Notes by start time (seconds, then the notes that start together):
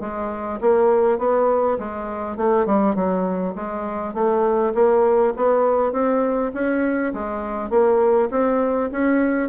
0.00 G#3
0.61 A#3
1.18 B3
1.79 G#3
2.37 A3
2.66 G3
2.95 F#3
3.55 G#3
4.14 A3
4.74 A#3
5.36 B3
5.92 C4
6.54 C#4
7.13 G#3
7.70 A#3
8.31 C4
8.91 C#4